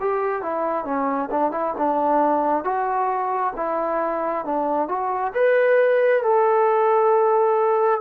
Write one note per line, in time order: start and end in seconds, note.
0.00 0.42 G4
0.42 0.85 E4
0.85 1.29 C#4
1.31 1.51 D4
1.51 1.74 E4
1.78 2.64 D4
2.64 3.54 F#4
3.57 4.45 E4
4.45 4.88 D4
4.88 5.33 F#4
5.34 6.23 B4
6.23 8.01 A4